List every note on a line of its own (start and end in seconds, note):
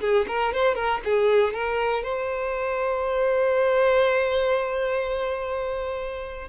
0.00 0.25 G#4
0.27 0.53 A#4
0.53 0.74 C5
0.74 1.00 A#4
1.04 1.53 G#4
1.53 2.03 A#4
2.03 6.48 C5